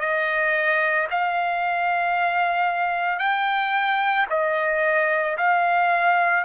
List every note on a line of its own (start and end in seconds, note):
0.00 1.07 D#5
1.11 3.19 F5
3.19 4.26 G5
4.30 5.37 D#5
5.37 6.44 F5